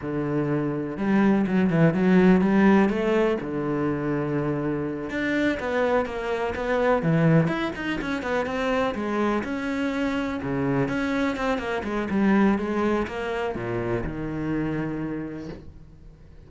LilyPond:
\new Staff \with { instrumentName = "cello" } { \time 4/4 \tempo 4 = 124 d2 g4 fis8 e8 | fis4 g4 a4 d4~ | d2~ d8 d'4 b8~ | b8 ais4 b4 e4 e'8 |
dis'8 cis'8 b8 c'4 gis4 cis'8~ | cis'4. cis4 cis'4 c'8 | ais8 gis8 g4 gis4 ais4 | ais,4 dis2. | }